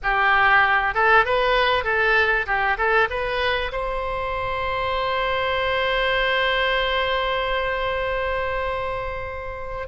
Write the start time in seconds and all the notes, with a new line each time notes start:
0.03 G4
0.94 A4
1.25 B4
1.84 A4
2.46 G4
2.77 A4
3.09 B4
3.72 C5